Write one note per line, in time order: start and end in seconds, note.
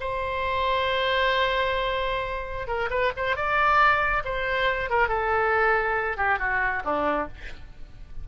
0.00 2.67 C5
2.67 2.89 A#4
2.90 3.12 B4
3.16 3.36 C5
3.36 4.23 D5
4.24 4.90 C5
4.90 5.08 A#4
5.08 6.17 A4
6.17 6.39 G4
6.39 6.82 F#4
6.84 7.28 D4